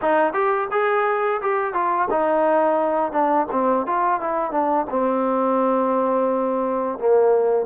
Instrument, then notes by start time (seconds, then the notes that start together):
trombone
0.01 D#4
0.33 G4
0.71 G#4
1.41 G4
1.73 F4
2.10 D#4
3.11 D4
3.51 C4
3.86 F4
4.20 E4
4.51 D4
4.89 C4
6.98 A#3